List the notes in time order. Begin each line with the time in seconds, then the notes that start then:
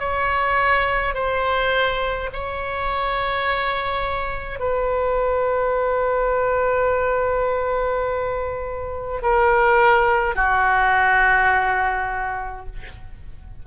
0.00 C#5
1.15 C5
2.33 C#5
4.60 B4
9.23 A#4
10.36 F#4